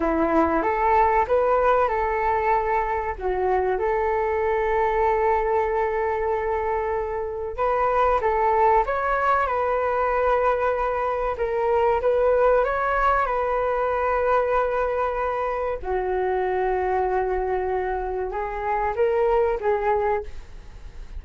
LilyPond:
\new Staff \with { instrumentName = "flute" } { \time 4/4 \tempo 4 = 95 e'4 a'4 b'4 a'4~ | a'4 fis'4 a'2~ | a'1 | b'4 a'4 cis''4 b'4~ |
b'2 ais'4 b'4 | cis''4 b'2.~ | b'4 fis'2.~ | fis'4 gis'4 ais'4 gis'4 | }